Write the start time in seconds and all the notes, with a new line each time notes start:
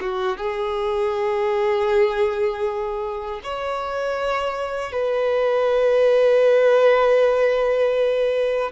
0.00 F#4
0.37 G#4
3.43 C#5
4.92 B4